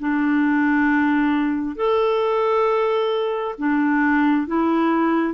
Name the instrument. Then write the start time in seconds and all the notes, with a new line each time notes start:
clarinet
0.00 D4
1.76 A4
3.58 D4
4.47 E4